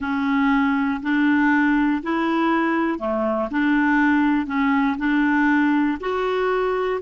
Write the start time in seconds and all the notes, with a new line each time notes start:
0.00 C#4
1.02 D4
2.02 E4
2.99 A3
3.50 D4
4.46 C#4
4.97 D4
6.00 F#4